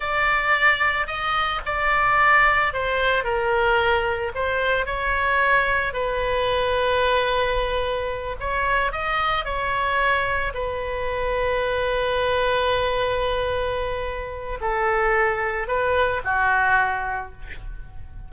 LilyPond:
\new Staff \with { instrumentName = "oboe" } { \time 4/4 \tempo 4 = 111 d''2 dis''4 d''4~ | d''4 c''4 ais'2 | c''4 cis''2 b'4~ | b'2.~ b'8 cis''8~ |
cis''8 dis''4 cis''2 b'8~ | b'1~ | b'2. a'4~ | a'4 b'4 fis'2 | }